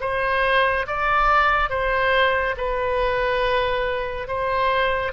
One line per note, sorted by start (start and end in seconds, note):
0.00 0.86 C5
0.87 1.69 D5
1.69 2.55 C5
2.57 4.28 B4
4.28 5.12 C5